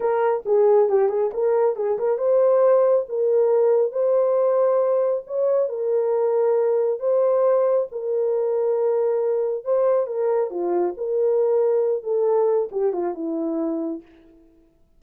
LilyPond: \new Staff \with { instrumentName = "horn" } { \time 4/4 \tempo 4 = 137 ais'4 gis'4 g'8 gis'8 ais'4 | gis'8 ais'8 c''2 ais'4~ | ais'4 c''2. | cis''4 ais'2. |
c''2 ais'2~ | ais'2 c''4 ais'4 | f'4 ais'2~ ais'8 a'8~ | a'4 g'8 f'8 e'2 | }